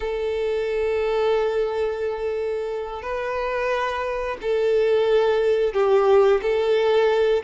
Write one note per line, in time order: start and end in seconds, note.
0.00 3.02 A4
3.02 4.37 B4
4.41 5.73 A4
5.73 6.40 G4
6.42 7.43 A4